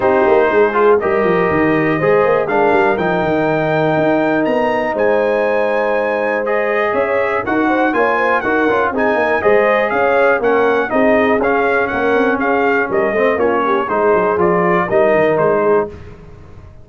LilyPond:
<<
  \new Staff \with { instrumentName = "trumpet" } { \time 4/4 \tempo 4 = 121 c''2 dis''2~ | dis''4 f''4 g''2~ | g''4 ais''4 gis''2~ | gis''4 dis''4 e''4 fis''4 |
gis''4 fis''4 gis''4 dis''4 | f''4 fis''4 dis''4 f''4 | fis''4 f''4 dis''4 cis''4 | c''4 d''4 dis''4 c''4 | }
  \new Staff \with { instrumentName = "horn" } { \time 4/4 g'4 gis'4 ais'2 | c''4 ais'2.~ | ais'2 c''2~ | c''2 cis''4 ais'8 c''8 |
cis''8 c''8 ais'4 gis'8 ais'8 c''4 | cis''4 ais'4 gis'2 | ais'4 gis'4 ais'8 c''8 f'8 g'8 | gis'2 ais'4. gis'8 | }
  \new Staff \with { instrumentName = "trombone" } { \time 4/4 dis'4. f'8 g'2 | gis'4 d'4 dis'2~ | dis'1~ | dis'4 gis'2 fis'4 |
f'4 fis'8 f'8 dis'4 gis'4~ | gis'4 cis'4 dis'4 cis'4~ | cis'2~ cis'8 c'8 cis'4 | dis'4 f'4 dis'2 | }
  \new Staff \with { instrumentName = "tuba" } { \time 4/4 c'8 ais8 gis4 g8 f8 dis4 | gis8 ais8 gis8 g8 f8 dis4. | dis'4 b4 gis2~ | gis2 cis'4 dis'4 |
ais4 dis'8 cis'8 c'8 ais8 gis4 | cis'4 ais4 c'4 cis'4 | ais8 c'8 cis'4 g8 a8 ais4 | gis8 fis8 f4 g8 dis8 gis4 | }
>>